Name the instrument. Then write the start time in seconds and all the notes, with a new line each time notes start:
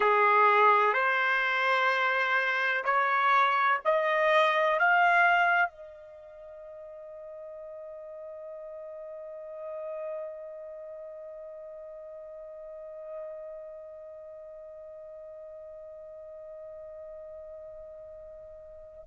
trumpet
0.00 G#4
0.93 C5
2.84 C#5
3.84 D#5
4.79 F5
5.69 D#5